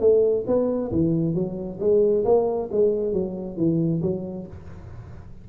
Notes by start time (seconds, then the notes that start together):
0.00 A3
0.47 B3
0.92 E3
1.34 F#3
1.80 G#3
2.25 A#3
2.72 G#3
3.13 F#3
3.57 E3
4.02 F#3